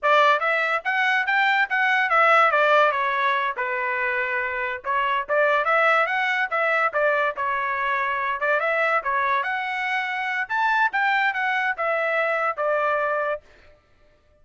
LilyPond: \new Staff \with { instrumentName = "trumpet" } { \time 4/4 \tempo 4 = 143 d''4 e''4 fis''4 g''4 | fis''4 e''4 d''4 cis''4~ | cis''8 b'2. cis''8~ | cis''8 d''4 e''4 fis''4 e''8~ |
e''8 d''4 cis''2~ cis''8 | d''8 e''4 cis''4 fis''4.~ | fis''4 a''4 g''4 fis''4 | e''2 d''2 | }